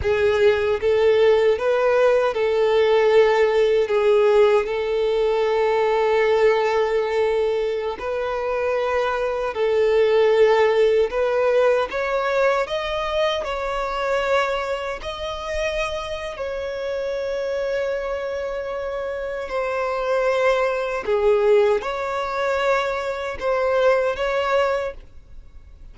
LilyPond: \new Staff \with { instrumentName = "violin" } { \time 4/4 \tempo 4 = 77 gis'4 a'4 b'4 a'4~ | a'4 gis'4 a'2~ | a'2~ a'16 b'4.~ b'16~ | b'16 a'2 b'4 cis''8.~ |
cis''16 dis''4 cis''2 dis''8.~ | dis''4 cis''2.~ | cis''4 c''2 gis'4 | cis''2 c''4 cis''4 | }